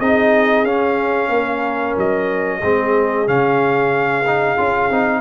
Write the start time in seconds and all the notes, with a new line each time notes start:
0.00 C4 D#4 G#4 D#5
0.64 C#4 F5
1.29 A#3 A#4
1.97 F#3 D#5
2.60 G#3 C4 G#4
3.27 C#3 C#4 F5
4.27 D#4
4.58 C#4 F4
4.90 C4 D#4